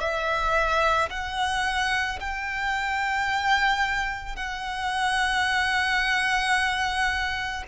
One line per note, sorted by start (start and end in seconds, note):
0.00 1.09 E5
1.10 2.19 F#5
2.20 4.35 G5
4.35 7.63 F#5